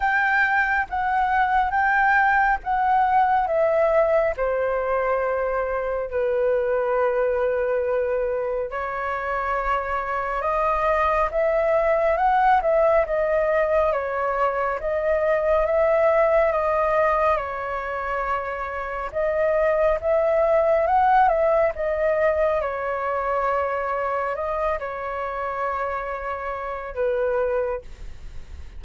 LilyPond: \new Staff \with { instrumentName = "flute" } { \time 4/4 \tempo 4 = 69 g''4 fis''4 g''4 fis''4 | e''4 c''2 b'4~ | b'2 cis''2 | dis''4 e''4 fis''8 e''8 dis''4 |
cis''4 dis''4 e''4 dis''4 | cis''2 dis''4 e''4 | fis''8 e''8 dis''4 cis''2 | dis''8 cis''2~ cis''8 b'4 | }